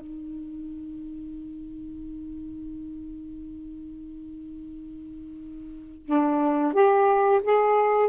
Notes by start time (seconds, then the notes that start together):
0.00 D#4
6.06 D4
6.73 G4
7.43 G#4